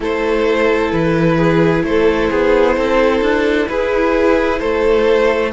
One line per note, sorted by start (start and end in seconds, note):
0.00 0.91 A3
0.00 5.52 E4
0.00 1.37 A4
0.00 0.91 C5
0.91 1.83 E3
0.91 1.83 B4
1.37 1.83 G#4
1.83 2.29 A3
1.83 2.31 A4
1.83 3.67 C5
2.30 2.77 B3
2.30 2.77 G#4
2.77 3.21 C4
2.77 3.69 A4
3.21 3.67 D4
3.67 4.61 E4
3.67 4.60 G#4
3.67 4.59 B4
4.59 5.52 A3
4.59 5.52 A4
4.59 5.51 C5